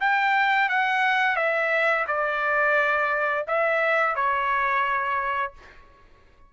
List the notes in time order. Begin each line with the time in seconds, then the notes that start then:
0.00 G5
0.69 F#5
1.36 E5
2.07 D5
3.47 E5
4.15 C#5